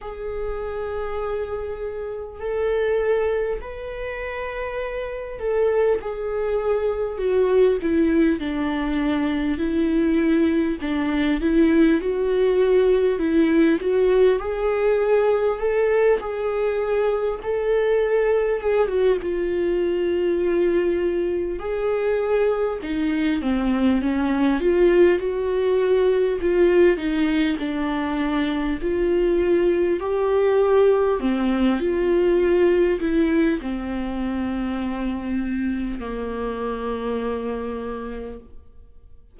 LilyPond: \new Staff \with { instrumentName = "viola" } { \time 4/4 \tempo 4 = 50 gis'2 a'4 b'4~ | b'8 a'8 gis'4 fis'8 e'8 d'4 | e'4 d'8 e'8 fis'4 e'8 fis'8 | gis'4 a'8 gis'4 a'4 gis'16 fis'16 |
f'2 gis'4 dis'8 c'8 | cis'8 f'8 fis'4 f'8 dis'8 d'4 | f'4 g'4 c'8 f'4 e'8 | c'2 ais2 | }